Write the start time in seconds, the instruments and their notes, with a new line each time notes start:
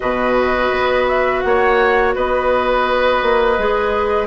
0.00 bassoon B2, clarinet F#4, oboe B4, flute D#5
0.71 bassoon B3
1.07 flute E5
1.40 bassoon A#3, flute F#5
1.47 oboe C#5
2.15 bassoon B3, oboe B4, flute D#5
3.22 bassoon A#3
3.58 bassoon G#3, clarinet G#4